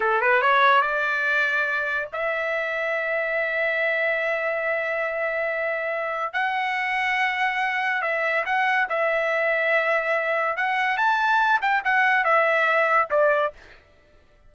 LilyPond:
\new Staff \with { instrumentName = "trumpet" } { \time 4/4 \tempo 4 = 142 a'8 b'8 cis''4 d''2~ | d''4 e''2.~ | e''1~ | e''2. fis''4~ |
fis''2. e''4 | fis''4 e''2.~ | e''4 fis''4 a''4. g''8 | fis''4 e''2 d''4 | }